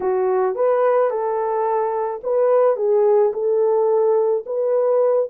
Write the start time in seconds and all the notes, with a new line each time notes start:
0.00 F#4
0.55 B4
1.10 A4
2.23 B4
2.76 G#4
3.33 A4
4.45 B4